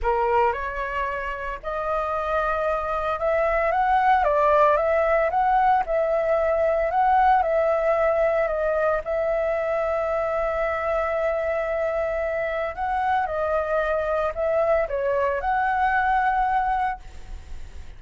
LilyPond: \new Staff \with { instrumentName = "flute" } { \time 4/4 \tempo 4 = 113 ais'4 cis''2 dis''4~ | dis''2 e''4 fis''4 | d''4 e''4 fis''4 e''4~ | e''4 fis''4 e''2 |
dis''4 e''2.~ | e''1 | fis''4 dis''2 e''4 | cis''4 fis''2. | }